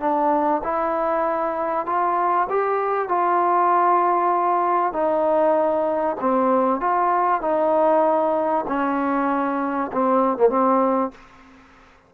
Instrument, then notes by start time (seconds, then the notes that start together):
trombone
0.00 D4
0.64 E4
1.86 F4
2.50 G4
3.08 F4
4.93 D#4
6.21 C4
6.80 F4
7.41 D#4
8.68 C#4
9.93 C4
10.38 A#3
10.49 C4